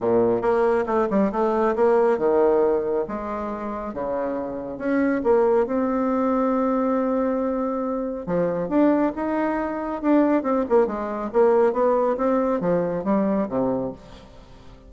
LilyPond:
\new Staff \with { instrumentName = "bassoon" } { \time 4/4 \tempo 4 = 138 ais,4 ais4 a8 g8 a4 | ais4 dis2 gis4~ | gis4 cis2 cis'4 | ais4 c'2.~ |
c'2. f4 | d'4 dis'2 d'4 | c'8 ais8 gis4 ais4 b4 | c'4 f4 g4 c4 | }